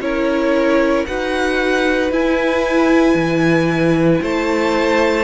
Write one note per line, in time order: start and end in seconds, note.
0.00 1.05 C#4
0.00 1.07 E4
0.00 1.07 A#4
0.00 1.06 C#5
1.06 2.11 D#4
1.06 2.12 F#4
1.06 4.21 B4
1.06 2.11 F#5
2.11 3.14 E4
2.11 5.24 E4
2.11 4.23 G#5
3.14 4.20 E3
4.21 5.24 A3
4.21 5.24 C5
4.21 5.24 A5